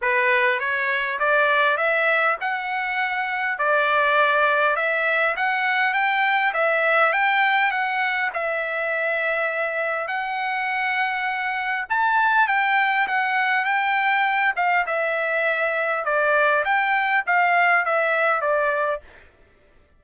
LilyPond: \new Staff \with { instrumentName = "trumpet" } { \time 4/4 \tempo 4 = 101 b'4 cis''4 d''4 e''4 | fis''2 d''2 | e''4 fis''4 g''4 e''4 | g''4 fis''4 e''2~ |
e''4 fis''2. | a''4 g''4 fis''4 g''4~ | g''8 f''8 e''2 d''4 | g''4 f''4 e''4 d''4 | }